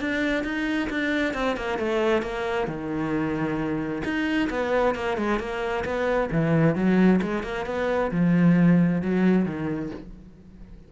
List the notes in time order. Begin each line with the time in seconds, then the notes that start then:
0.00 D4
0.44 D#4
0.90 D4
1.34 C4
1.57 A#3
1.79 A3
2.22 A#3
2.67 D#3
4.04 D#4
4.49 B3
4.95 A#3
5.17 G#3
5.39 A#3
5.84 B3
6.31 E3
6.75 F#3
7.21 G#3
7.43 A#3
7.66 B3
8.11 F3
9.02 F#3
9.45 D#3